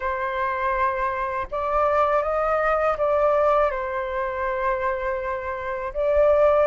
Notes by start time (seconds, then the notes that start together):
0.00 C5
1.51 D5
2.22 D#5
2.97 D5
3.70 C5
5.93 D5